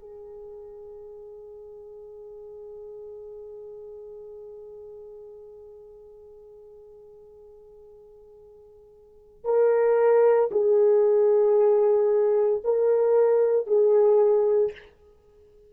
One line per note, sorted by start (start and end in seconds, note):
0.00 9.44 G#4
9.44 10.50 A#4
10.52 12.62 G#4
12.65 13.67 A#4
13.67 14.72 G#4